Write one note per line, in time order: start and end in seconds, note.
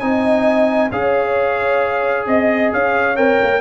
0.00 0.91 C4
0.00 0.91 D#4
0.00 0.91 D#5
0.00 0.90 G#5
0.91 2.27 C#4
0.91 3.16 G#4
0.91 2.28 C#5
0.91 2.27 F5
2.27 2.72 C4
2.27 2.72 D#5
2.72 3.17 C#4
2.72 3.61 C#5
2.72 3.16 F5
3.16 3.40 C4
3.16 3.61 A#4
3.16 3.61 G5
3.42 3.61 A#3